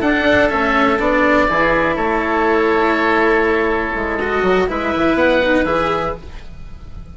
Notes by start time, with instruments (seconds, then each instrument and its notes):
0.00 bassoon D4, cello D4, oboe A4 F#5
0.50 bassoon A3, cello C#4, oboe E5
1.00 bassoon B3, cello D4, oboe D5
1.48 bassoon E3, cello E4, oboe G#4
1.96 bassoon A3, oboe A4 C#5
3.95 bassoon G#3
4.20 cello F#4, oboe D#5
4.43 bassoon F#3
4.68 bassoon G#3, cello E4, oboe B4 E5
4.96 bassoon E3
5.15 bassoon B3, oboe F#5
5.43 cello D#4
5.65 bassoon E3, cello G#4, oboe E5